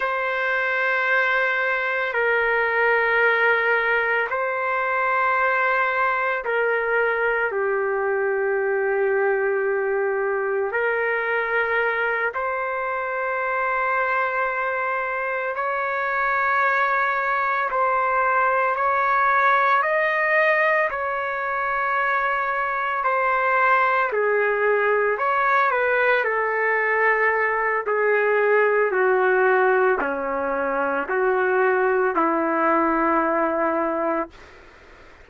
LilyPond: \new Staff \with { instrumentName = "trumpet" } { \time 4/4 \tempo 4 = 56 c''2 ais'2 | c''2 ais'4 g'4~ | g'2 ais'4. c''8~ | c''2~ c''8 cis''4.~ |
cis''8 c''4 cis''4 dis''4 cis''8~ | cis''4. c''4 gis'4 cis''8 | b'8 a'4. gis'4 fis'4 | cis'4 fis'4 e'2 | }